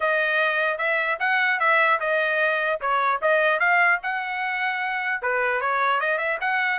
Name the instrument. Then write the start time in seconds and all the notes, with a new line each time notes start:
trumpet
0.00 D#5
0.78 E5
1.19 F#5
1.59 E5
2.00 D#5
2.80 C#5
3.21 D#5
3.59 F5
4.02 F#5
5.22 B4
5.60 C#5
6.00 D#5
6.18 E5
6.40 F#5